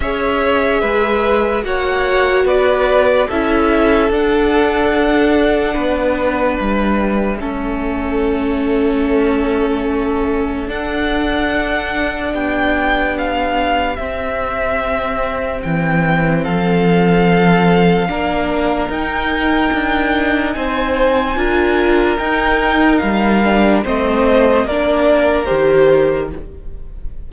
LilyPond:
<<
  \new Staff \with { instrumentName = "violin" } { \time 4/4 \tempo 4 = 73 e''2 fis''4 d''4 | e''4 fis''2. | e''1~ | e''4 fis''2 g''4 |
f''4 e''2 g''4 | f''2. g''4~ | g''4 gis''2 g''4 | f''4 dis''4 d''4 c''4 | }
  \new Staff \with { instrumentName = "violin" } { \time 4/4 cis''4 b'4 cis''4 b'4 | a'2. b'4~ | b'4 a'2.~ | a'2. g'4~ |
g'1 | a'2 ais'2~ | ais'4 c''4 ais'2~ | ais'4 c''4 ais'2 | }
  \new Staff \with { instrumentName = "viola" } { \time 4/4 gis'2 fis'2 | e'4 d'2.~ | d'4 cis'2.~ | cis'4 d'2.~ |
d'4 c'2.~ | c'2 d'4 dis'4~ | dis'2 f'4 dis'4~ | dis'8 d'8 c'4 d'4 g'4 | }
  \new Staff \with { instrumentName = "cello" } { \time 4/4 cis'4 gis4 ais4 b4 | cis'4 d'2 b4 | g4 a2.~ | a4 d'2 b4~ |
b4 c'2 e4 | f2 ais4 dis'4 | d'4 c'4 d'4 dis'4 | g4 a4 ais4 dis4 | }
>>